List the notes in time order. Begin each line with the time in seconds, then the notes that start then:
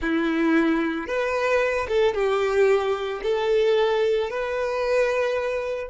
0.01 E4
1.07 B4
1.88 A4
2.14 G4
3.22 A4
4.30 B4